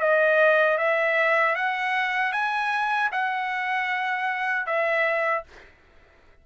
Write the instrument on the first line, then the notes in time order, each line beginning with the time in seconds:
trumpet
0.00 D#5
0.78 E5
1.55 F#5
2.32 G#5
3.11 F#5
4.66 E5